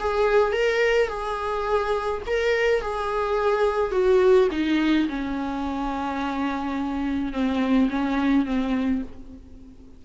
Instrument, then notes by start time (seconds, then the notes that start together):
viola
0.00 G#4
0.53 A#4
1.09 G#4
2.27 A#4
2.82 G#4
3.92 F#4
4.52 D#4
5.09 C#4
7.33 C4
7.90 C#4
8.46 C4